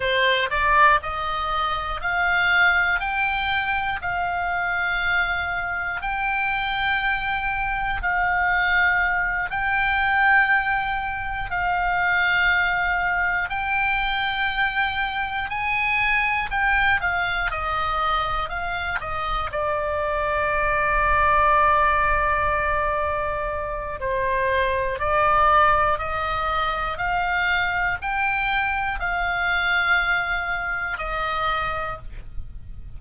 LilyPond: \new Staff \with { instrumentName = "oboe" } { \time 4/4 \tempo 4 = 60 c''8 d''8 dis''4 f''4 g''4 | f''2 g''2 | f''4. g''2 f''8~ | f''4. g''2 gis''8~ |
gis''8 g''8 f''8 dis''4 f''8 dis''8 d''8~ | d''1 | c''4 d''4 dis''4 f''4 | g''4 f''2 dis''4 | }